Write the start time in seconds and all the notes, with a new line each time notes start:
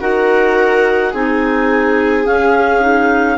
0.00 D#4 F#4 A#4 F#5
1.11 C4 D#4 G#4 G#5
2.24 C#4 F5
2.80 D#4